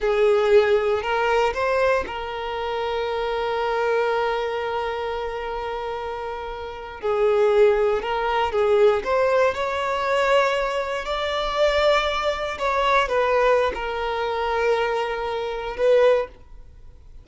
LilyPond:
\new Staff \with { instrumentName = "violin" } { \time 4/4 \tempo 4 = 118 gis'2 ais'4 c''4 | ais'1~ | ais'1~ | ais'4.~ ais'16 gis'2 ais'16~ |
ais'8. gis'4 c''4 cis''4~ cis''16~ | cis''4.~ cis''16 d''2~ d''16~ | d''8. cis''4 b'4~ b'16 ais'4~ | ais'2. b'4 | }